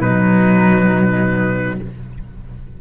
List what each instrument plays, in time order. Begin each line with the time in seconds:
0.00 tuba B2, cello F#3, flute D#4, trumpet B4